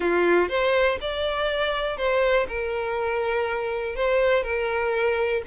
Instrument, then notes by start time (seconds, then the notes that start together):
violin
0.00 F4
0.48 C5
1.00 D5
1.97 C5
2.47 A#4
3.95 C5
4.43 A#4